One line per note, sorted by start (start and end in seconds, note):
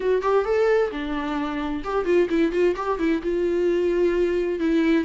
0.00 0.22 F#4
0.22 0.45 G4
0.45 0.90 A4
0.91 1.82 D4
1.83 2.05 G4
2.05 2.28 F4
2.29 2.52 E4
2.52 2.75 F4
2.76 2.99 G4
2.99 3.21 E4
3.22 4.59 F4
4.59 5.04 E4